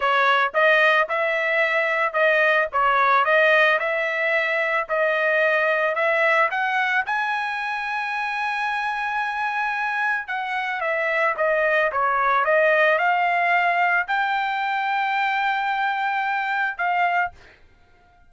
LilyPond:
\new Staff \with { instrumentName = "trumpet" } { \time 4/4 \tempo 4 = 111 cis''4 dis''4 e''2 | dis''4 cis''4 dis''4 e''4~ | e''4 dis''2 e''4 | fis''4 gis''2.~ |
gis''2. fis''4 | e''4 dis''4 cis''4 dis''4 | f''2 g''2~ | g''2. f''4 | }